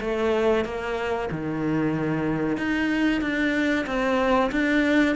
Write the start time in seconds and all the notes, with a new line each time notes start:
0.00 A3
0.64 A#3
1.31 D#3
2.57 D#4
3.21 D4
3.86 C4
4.51 D4